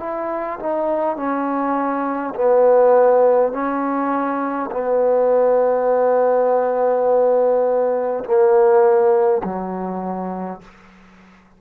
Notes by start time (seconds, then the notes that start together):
0.00 E4
0.59 D#4
1.17 C#4
2.35 B3
3.53 C#4
4.71 B3
8.25 A#3
9.44 F#3